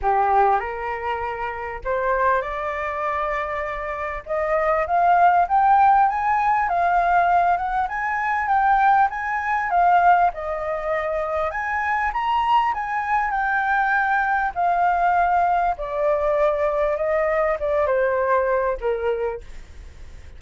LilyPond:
\new Staff \with { instrumentName = "flute" } { \time 4/4 \tempo 4 = 99 g'4 ais'2 c''4 | d''2. dis''4 | f''4 g''4 gis''4 f''4~ | f''8 fis''8 gis''4 g''4 gis''4 |
f''4 dis''2 gis''4 | ais''4 gis''4 g''2 | f''2 d''2 | dis''4 d''8 c''4. ais'4 | }